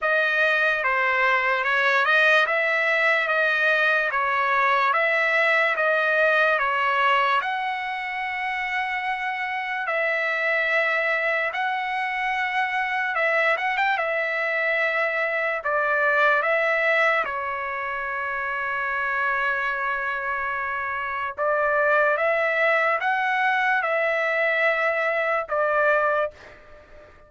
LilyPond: \new Staff \with { instrumentName = "trumpet" } { \time 4/4 \tempo 4 = 73 dis''4 c''4 cis''8 dis''8 e''4 | dis''4 cis''4 e''4 dis''4 | cis''4 fis''2. | e''2 fis''2 |
e''8 fis''16 g''16 e''2 d''4 | e''4 cis''2.~ | cis''2 d''4 e''4 | fis''4 e''2 d''4 | }